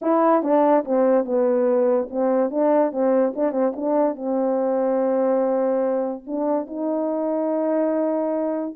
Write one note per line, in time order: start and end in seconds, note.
0.01 0.42 E4
0.42 0.84 D4
0.84 1.25 C4
1.25 2.08 B3
2.10 2.50 C4
2.50 2.91 D4
2.91 3.33 C4
3.35 3.52 D4
3.52 3.73 C4
3.75 4.15 D4
4.15 6.23 C4
6.26 6.66 D4
6.66 8.75 D#4